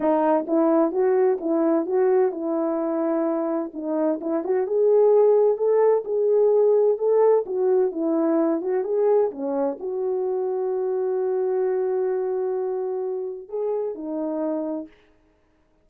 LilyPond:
\new Staff \with { instrumentName = "horn" } { \time 4/4 \tempo 4 = 129 dis'4 e'4 fis'4 e'4 | fis'4 e'2. | dis'4 e'8 fis'8 gis'2 | a'4 gis'2 a'4 |
fis'4 e'4. fis'8 gis'4 | cis'4 fis'2.~ | fis'1~ | fis'4 gis'4 dis'2 | }